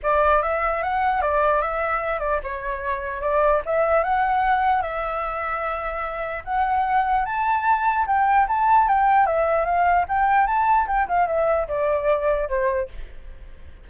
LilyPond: \new Staff \with { instrumentName = "flute" } { \time 4/4 \tempo 4 = 149 d''4 e''4 fis''4 d''4 | e''4. d''8 cis''2 | d''4 e''4 fis''2 | e''1 |
fis''2 a''2 | g''4 a''4 g''4 e''4 | f''4 g''4 a''4 g''8 f''8 | e''4 d''2 c''4 | }